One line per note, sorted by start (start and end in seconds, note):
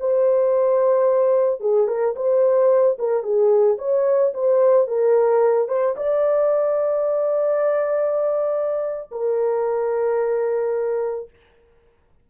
0.00 1.60 C5
1.60 1.87 G#4
1.87 2.15 A#4
2.16 2.98 C5
2.99 3.23 A#4
3.23 3.78 G#4
3.79 4.33 C#5
4.34 4.88 C5
4.88 5.69 A#4
5.69 5.96 C5
5.97 9.11 D5
9.12 11.30 A#4